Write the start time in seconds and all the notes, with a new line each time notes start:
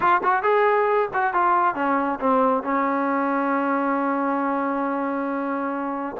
0.00 F4
0.23 F#4
0.43 G#4
1.13 F#4
1.33 F4
1.74 C#4
2.19 C4
2.63 C#4